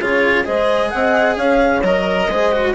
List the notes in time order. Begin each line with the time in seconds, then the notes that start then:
0.00 C#3 F4 G#4 C#5
0.44 G#3 G#4 C5 D#5
0.90 C4 D#5 F#5
1.37 C#4 C#5 F5
1.83 F#3 A#4 D#5
2.28 G#3 G#4 C5
2.52 F#4